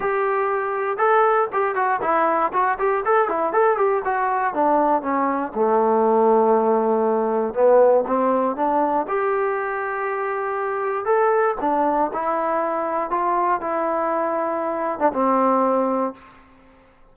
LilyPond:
\new Staff \with { instrumentName = "trombone" } { \time 4/4 \tempo 4 = 119 g'2 a'4 g'8 fis'8 | e'4 fis'8 g'8 a'8 e'8 a'8 g'8 | fis'4 d'4 cis'4 a4~ | a2. b4 |
c'4 d'4 g'2~ | g'2 a'4 d'4 | e'2 f'4 e'4~ | e'4.~ e'16 d'16 c'2 | }